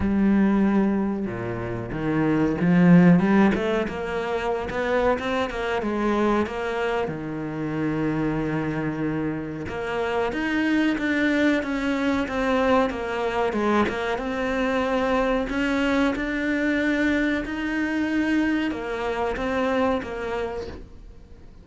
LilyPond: \new Staff \with { instrumentName = "cello" } { \time 4/4 \tempo 4 = 93 g2 ais,4 dis4 | f4 g8 a8 ais4~ ais16 b8. | c'8 ais8 gis4 ais4 dis4~ | dis2. ais4 |
dis'4 d'4 cis'4 c'4 | ais4 gis8 ais8 c'2 | cis'4 d'2 dis'4~ | dis'4 ais4 c'4 ais4 | }